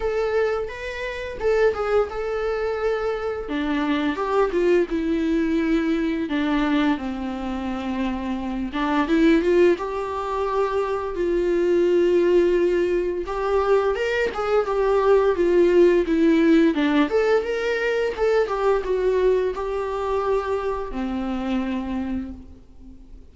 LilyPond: \new Staff \with { instrumentName = "viola" } { \time 4/4 \tempo 4 = 86 a'4 b'4 a'8 gis'8 a'4~ | a'4 d'4 g'8 f'8 e'4~ | e'4 d'4 c'2~ | c'8 d'8 e'8 f'8 g'2 |
f'2. g'4 | ais'8 gis'8 g'4 f'4 e'4 | d'8 a'8 ais'4 a'8 g'8 fis'4 | g'2 c'2 | }